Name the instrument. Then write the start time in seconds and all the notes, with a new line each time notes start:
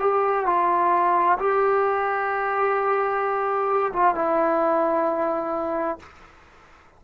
trombone
0.00 G4
0.46 F4
1.39 G4
3.93 F4
4.15 E4